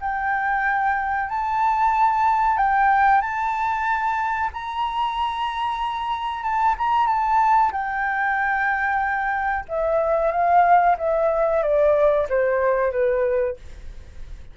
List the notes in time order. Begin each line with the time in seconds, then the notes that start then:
0.00 G5
1.29 A5
2.57 G5
3.21 A5
4.53 A#5
6.43 A5
6.78 A#5
7.07 A5
7.72 G5
9.68 E5
10.32 F5
10.98 E5
11.63 D5
12.29 C5
12.92 B4